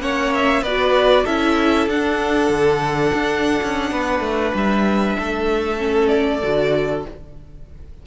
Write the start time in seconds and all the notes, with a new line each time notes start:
0.00 A#3 C#4 C#5 F#5
0.34 E5
0.62 B3 F#4 B4 D5
1.24 C#4 E4 A4 E5
1.87 D4 F#5
2.49 D3
3.14 D4
3.62 C#4
3.91 B3 B4
4.20 A3
4.54 G3 E5
5.19 A3 A4
5.77 C#4
6.08 D5
6.43 D3 F#4